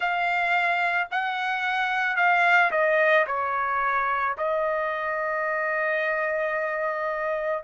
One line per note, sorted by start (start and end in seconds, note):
0.00 1.08 F5
1.11 2.16 F#5
2.16 2.70 F5
2.71 3.25 D#5
3.27 4.36 C#5
4.37 7.63 D#5